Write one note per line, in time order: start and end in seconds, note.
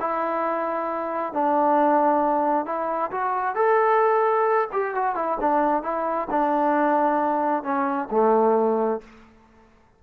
0.00 1.33 E4
1.33 2.66 D4
2.66 3.11 E4
3.11 3.56 F#4
3.56 4.68 A4
4.72 4.95 G4
4.95 5.15 F#4
5.15 5.38 E4
5.41 5.83 D4
5.83 6.28 E4
6.31 7.64 D4
7.64 8.09 C#4
8.11 9.01 A3